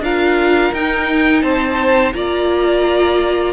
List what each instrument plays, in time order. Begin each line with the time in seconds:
0.00 cello D4, viola F4, violin A#4 F5
0.73 cello D#4, viola D#4, violin G5
1.42 cello C4, violin C5 A5
2.14 cello A#3, viola F4, violin D5 A#5